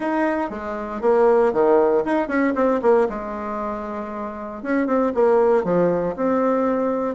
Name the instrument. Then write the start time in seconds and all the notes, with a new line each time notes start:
bassoon
0.00 D#4
0.50 G#3
1.01 A#3
1.52 D#3
2.05 D#4
2.28 C#4
2.55 C4
2.82 A#3
3.09 G#3
4.62 C#4
4.86 C4
5.14 A#3
5.64 F3
6.16 C4